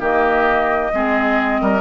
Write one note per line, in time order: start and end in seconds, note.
0.00 0.92 D#3
0.00 0.93 A#3
0.00 0.92 G4
0.00 1.81 D#5
0.93 1.62 G#3
0.93 1.81 C4
0.93 1.62 G#4
1.62 1.81 G3
1.62 1.81 A#4